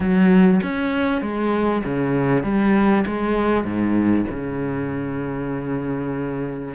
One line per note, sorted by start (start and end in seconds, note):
0.00 0.60 F#3
0.62 1.21 C#4
1.21 1.82 G#3
1.84 2.43 C#3
2.43 3.04 G3
3.06 3.64 G#3
3.64 4.26 G#2
4.30 6.74 C#3